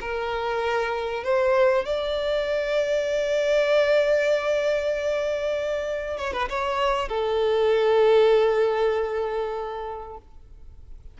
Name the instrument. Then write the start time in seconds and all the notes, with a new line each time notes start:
violin
0.00 A#4
1.23 C5
1.85 D5
6.17 C#5
6.33 B4
6.49 C#5
7.08 A4